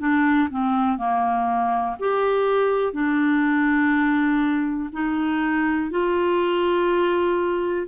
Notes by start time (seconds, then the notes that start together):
0.00 D4
0.51 C4
0.98 A#3
2.00 G4
2.94 D4
4.93 D#4
5.91 F4